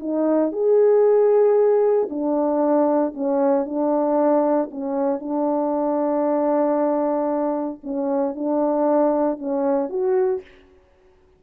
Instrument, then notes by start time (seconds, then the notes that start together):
horn
0.00 D#4
0.52 G#4
2.10 D4
3.14 C#4
3.65 D4
4.71 C#4
5.20 D4
7.84 C#4
8.35 D4
9.39 C#4
9.89 F#4